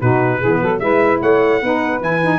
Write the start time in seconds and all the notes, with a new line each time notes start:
0.00 B2 D#4 F#4 B4
0.40 E3 B3 G#4
0.61 F#3 A4
0.79 G#3 E4 B4 E5
1.21 A3 C#5 F#5
1.60 B3 D#4 B4
2.01 E3 E4 G#5
2.22 D#4